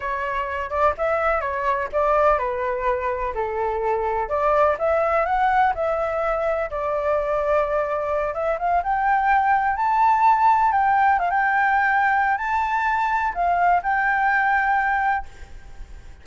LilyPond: \new Staff \with { instrumentName = "flute" } { \time 4/4 \tempo 4 = 126 cis''4. d''8 e''4 cis''4 | d''4 b'2 a'4~ | a'4 d''4 e''4 fis''4 | e''2 d''2~ |
d''4. e''8 f''8 g''4.~ | g''8 a''2 g''4 f''16 g''16~ | g''2 a''2 | f''4 g''2. | }